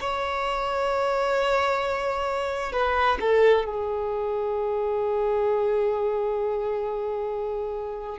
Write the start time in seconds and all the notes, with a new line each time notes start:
0.00 C#5
2.72 B4
3.20 A4
3.65 G#4